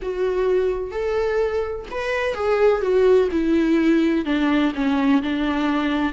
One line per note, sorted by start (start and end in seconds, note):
0.02 0.91 F#4
0.91 1.85 A4
1.90 2.34 B4
2.34 2.81 G#4
2.81 3.28 F#4
3.31 4.25 E4
4.25 4.72 D4
4.75 5.22 C#4
5.22 6.12 D4